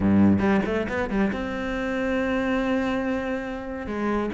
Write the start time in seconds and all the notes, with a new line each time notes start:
0.00 G2
0.39 G3
0.65 A3
0.88 B3
1.09 G3
1.32 C4
3.87 G#3